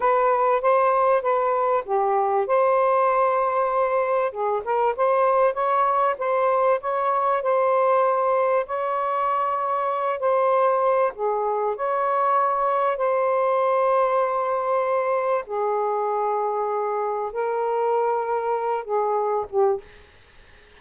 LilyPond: \new Staff \with { instrumentName = "saxophone" } { \time 4/4 \tempo 4 = 97 b'4 c''4 b'4 g'4 | c''2. gis'8 ais'8 | c''4 cis''4 c''4 cis''4 | c''2 cis''2~ |
cis''8 c''4. gis'4 cis''4~ | cis''4 c''2.~ | c''4 gis'2. | ais'2~ ais'8 gis'4 g'8 | }